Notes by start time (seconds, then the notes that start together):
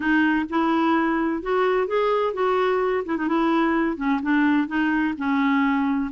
0.00 D#4
0.49 E4
1.42 F#4
1.87 G#4
2.33 F#4
3.05 E4
3.17 D#4
3.28 E4
3.97 C#4
4.22 D4
4.67 D#4
5.17 C#4